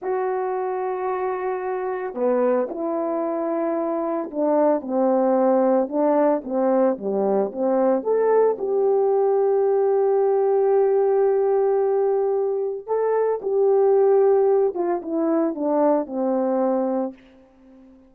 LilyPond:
\new Staff \with { instrumentName = "horn" } { \time 4/4 \tempo 4 = 112 fis'1 | b4 e'2. | d'4 c'2 d'4 | c'4 g4 c'4 a'4 |
g'1~ | g'1 | a'4 g'2~ g'8 f'8 | e'4 d'4 c'2 | }